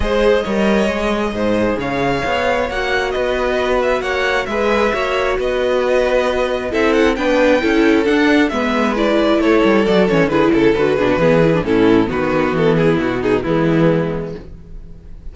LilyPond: <<
  \new Staff \with { instrumentName = "violin" } { \time 4/4 \tempo 4 = 134 dis''1 | f''2 fis''4 dis''4~ | dis''8 e''8 fis''4 e''2 | dis''2. e''8 fis''8 |
g''2 fis''4 e''4 | d''4 cis''4 d''8 cis''8 b'8 a'8 | b'2 a'4 b'4 | a'8 gis'8 fis'8 gis'8 e'2 | }
  \new Staff \with { instrumentName = "violin" } { \time 4/4 c''4 cis''2 c''4 | cis''2. b'4~ | b'4 cis''4 b'4 cis''4 | b'2. a'4 |
b'4 a'2 b'4~ | b'4 a'2 gis'8 a'8~ | a'8 gis'16 fis'16 gis'4 e'4 fis'4~ | fis'8 e'4 dis'8 b2 | }
  \new Staff \with { instrumentName = "viola" } { \time 4/4 gis'4 ais'4 gis'2~ | gis'2 fis'2~ | fis'2 gis'4 fis'4~ | fis'2. e'4 |
d'4 e'4 d'4 b4 | e'2 fis'8 cis'8 e'4 | fis'8 d'8 b8 e'16 d'16 cis'4 b4~ | b2 gis2 | }
  \new Staff \with { instrumentName = "cello" } { \time 4/4 gis4 g4 gis4 gis,4 | cis4 b4 ais4 b4~ | b4 ais4 gis4 ais4 | b2. c'4 |
b4 cis'4 d'4 gis4~ | gis4 a8 g8 fis8 e8 d8 cis8 | d8 b,8 e4 a,4 dis4 | e4 b,4 e2 | }
>>